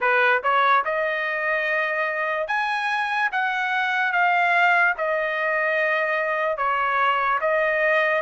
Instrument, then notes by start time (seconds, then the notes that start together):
trumpet
0.00 B4
0.43 C#5
0.84 D#5
2.47 G#5
3.31 F#5
4.12 F5
4.97 D#5
6.57 C#5
7.40 D#5